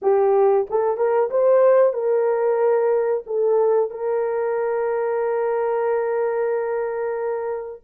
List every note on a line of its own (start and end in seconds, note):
0.02 0.67 G4
0.70 0.97 A4
0.97 1.29 A#4
1.30 1.93 C5
1.93 3.23 A#4
3.26 3.90 A4
3.90 7.81 A#4